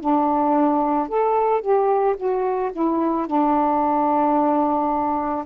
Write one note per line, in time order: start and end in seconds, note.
0.00 1.08 D4
1.08 1.61 A4
1.61 2.15 G4
2.17 2.71 F#4
2.72 3.26 E4
3.26 5.44 D4